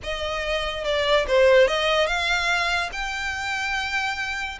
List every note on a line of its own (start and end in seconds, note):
0.03 0.84 D#5
0.84 1.26 D5
1.27 1.67 C5
1.67 2.06 D#5
2.06 2.90 F5
2.92 4.59 G5